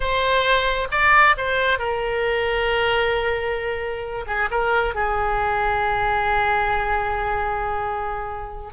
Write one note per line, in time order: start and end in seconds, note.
0.00 0.88 C5
0.91 1.36 D5
1.37 1.78 C5
1.78 4.25 A#4
4.26 4.49 G#4
4.51 4.94 A#4
4.94 8.73 G#4